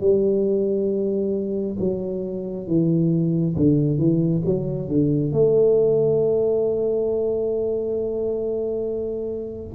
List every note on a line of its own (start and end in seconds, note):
0.00 1.76 G3
1.79 2.67 F#3
2.67 3.55 E3
3.56 3.98 D3
3.98 4.42 E3
4.45 4.88 F#3
4.88 5.32 D3
5.32 9.73 A3